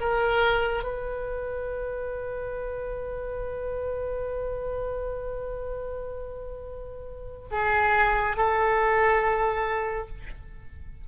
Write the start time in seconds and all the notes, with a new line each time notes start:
0.00 A#4
0.83 B4
7.51 G#4
8.37 A4